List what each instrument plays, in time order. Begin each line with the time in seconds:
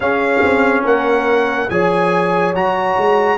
0.00 tuba C#4, trombone C#4, horn G#4, trumpet F5
0.43 tuba C4
0.83 tuba A#3, horn A#4, trumpet F#5
1.69 tuba F3, trombone G#4, horn C#5, trumpet G#5
2.53 tuba F#3, trombone F#4, trumpet A#5
2.97 tuba G#3